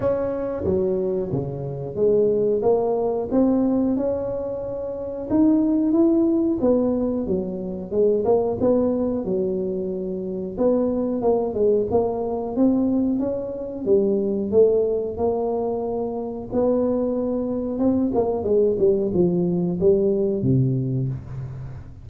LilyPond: \new Staff \with { instrumentName = "tuba" } { \time 4/4 \tempo 4 = 91 cis'4 fis4 cis4 gis4 | ais4 c'4 cis'2 | dis'4 e'4 b4 fis4 | gis8 ais8 b4 fis2 |
b4 ais8 gis8 ais4 c'4 | cis'4 g4 a4 ais4~ | ais4 b2 c'8 ais8 | gis8 g8 f4 g4 c4 | }